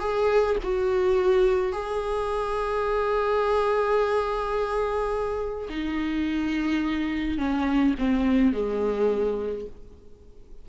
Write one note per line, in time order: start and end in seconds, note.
0.00 0.57 G#4
0.64 1.73 F#4
1.73 5.69 G#4
5.70 7.38 D#4
7.38 7.95 C#4
7.99 8.53 C4
8.53 9.66 G#3